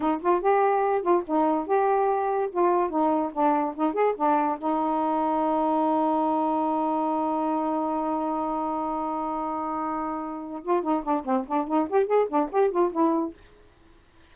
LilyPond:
\new Staff \with { instrumentName = "saxophone" } { \time 4/4 \tempo 4 = 144 dis'8 f'8 g'4. f'8 dis'4 | g'2 f'4 dis'4 | d'4 dis'8 gis'8 d'4 dis'4~ | dis'1~ |
dis'1~ | dis'1~ | dis'4. f'8 dis'8 d'8 c'8 d'8 | dis'8 g'8 gis'8 d'8 g'8 f'8 e'4 | }